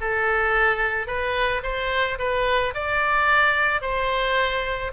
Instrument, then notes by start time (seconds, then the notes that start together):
oboe
0.00 A4
1.06 B4
1.63 C5
2.18 B4
2.74 D5
3.81 C5